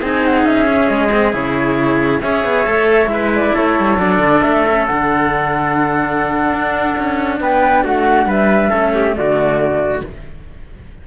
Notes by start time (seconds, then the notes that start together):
0.00 C4 D#4 G#4 G#5
0.25 F#5
0.44 C#4 E5
0.65 C#4
0.89 G#3 D#5
1.11 C4
1.32 C#3 E4 C#5
2.20 C#4 G#4 C#5 E5
2.44 B3
2.66 A3 A4
3.06 G#3 E4 B4
3.35 D5
3.54 A3 A4 C#5
3.79 G3
3.97 F#3 D4 D5
4.18 D3
4.41 A3 E5
4.68 C#4
4.86 D3 D4 F#5
6.52 D4
6.97 C#4
7.40 B3 B4 G5
7.84 A3 F#4 F#5
8.25 G3 B4 E5
8.70 A3 C#4 A4
8.94 G4
9.13 D3 A3 F#4 D5